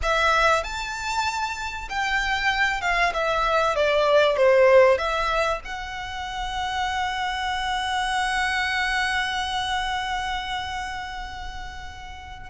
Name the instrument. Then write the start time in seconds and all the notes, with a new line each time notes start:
violin
0.02 E5
0.63 A5
1.89 G5
2.81 F5
3.13 E5
3.75 D5
4.36 C5
4.98 E5
5.64 F#5